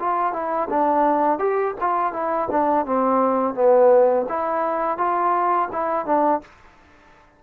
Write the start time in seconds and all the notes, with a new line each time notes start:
0.00 F4
0.33 E4
0.70 D4
1.39 G4
1.81 F4
2.13 E4
2.51 D4
2.86 C4
3.55 B3
4.29 E4
4.98 F4
5.72 E4
6.06 D4